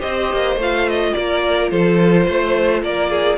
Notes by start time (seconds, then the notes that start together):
0.00 C4 G4 C5 D#5
0.33 A#3
0.56 A3 F4 F5
0.89 D#5
1.14 A#3 A#4 D5
1.71 F3 A4 C5
2.26 A3 C5
2.83 A#3 A#4 D5
3.11 G#4